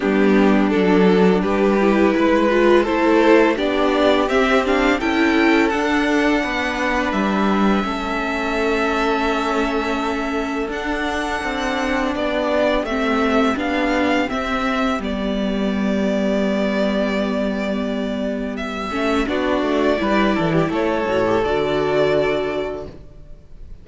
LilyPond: <<
  \new Staff \with { instrumentName = "violin" } { \time 4/4 \tempo 4 = 84 g'4 a'4 b'2 | c''4 d''4 e''8 f''8 g''4 | fis''2 e''2~ | e''2. fis''4~ |
fis''4 d''4 e''4 f''4 | e''4 d''2.~ | d''2 e''4 d''4~ | d''4 cis''4 d''2 | }
  \new Staff \with { instrumentName = "violin" } { \time 4/4 d'2 g'4 b'4 | a'4 g'2 a'4~ | a'4 b'2 a'4~ | a'1~ |
a'4 g'2.~ | g'1~ | g'2. fis'4 | b'8 a'16 g'16 a'2. | }
  \new Staff \with { instrumentName = "viola" } { \time 4/4 b4 d'4. e'4 f'8 | e'4 d'4 c'8 d'8 e'4 | d'2. cis'4~ | cis'2. d'4~ |
d'2 c'4 d'4 | c'4 b2.~ | b2~ b8 cis'8 d'4 | e'4. fis'16 g'16 fis'2 | }
  \new Staff \with { instrumentName = "cello" } { \time 4/4 g4 fis4 g4 gis4 | a4 b4 c'4 cis'4 | d'4 b4 g4 a4~ | a2. d'4 |
c'4 b4 a4 b4 | c'4 g2.~ | g2~ g8 a8 b8 a8 | g8 e8 a8 a,8 d2 | }
>>